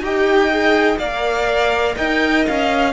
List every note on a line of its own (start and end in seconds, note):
0.00 0.97 D#4
0.00 0.51 G4
0.00 0.99 D#5
0.00 0.98 G5
0.51 1.00 G#4
0.98 1.95 A#3
0.98 2.93 A#4
0.98 1.96 D5
0.98 1.95 F5
1.96 2.47 D#4
1.96 2.93 D#5
1.96 2.46 G5
2.47 2.93 C#4
2.47 2.93 F5